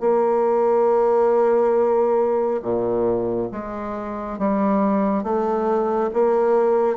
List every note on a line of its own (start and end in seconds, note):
0.00 2.61 A#3
2.62 3.49 A#2
3.52 4.39 G#3
4.39 5.23 G3
5.23 6.10 A3
6.13 6.96 A#3